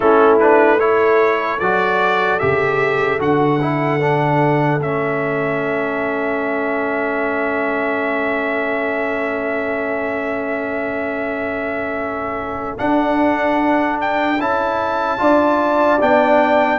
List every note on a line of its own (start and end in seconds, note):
0.00 1.59 A3
0.00 0.40 C#4
0.00 0.79 E4
0.00 0.37 A4
0.39 0.79 D4
0.39 0.79 B4
0.79 1.59 E4
0.79 15.20 A4
0.79 1.59 C#5
1.59 2.39 F#3
1.59 2.40 F#4
1.59 2.39 D5
2.39 3.18 C#3
2.39 3.19 G4
2.39 3.19 E5
3.18 4.77 D3
3.18 3.59 F#4
3.18 4.81 F#5
3.61 4.00 E4
4.00 4.79 D4
4.77 12.77 A3
4.77 12.78 C#4
4.77 12.78 E5
12.78 14.38 D4
12.78 14.39 D4
12.78 13.98 F#5
14.01 14.40 G5
14.39 15.19 C#4
14.39 15.18 E4
14.39 16.00 A5
15.18 15.99 D4
15.18 15.98 F4
15.18 16.79 D5
16.00 16.79 B3
16.00 16.79 D4
16.00 16.79 G5